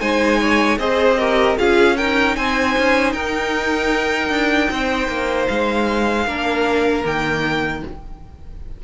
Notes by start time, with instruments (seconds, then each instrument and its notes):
0.00 cello G#3, viola D#4, violin C5 G#5
0.40 violin C#5
0.78 cello C4, viola G#4, violin C5 D#5
1.19 viola G4, violin A#4
1.58 cello C#4, viola F4, violin G#4 F5
1.97 viola D#4, violin A#4 G5
2.36 cello C4, violin C5 G#5
2.78 cello C#4
3.13 cello D#4, violin A#4 G5
4.30 cello D4
4.71 cello C4, violin C5
5.08 cello A#3
5.48 cello G#3, violin F5
6.26 cello A#3, viola D4, violin A#4
7.04 cello D#3, viola A#3, violin G5